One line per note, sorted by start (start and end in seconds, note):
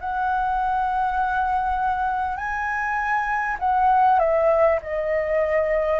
0.00 2.37 F#5
2.37 3.57 G#5
3.59 4.19 F#5
4.19 4.79 E5
4.82 5.99 D#5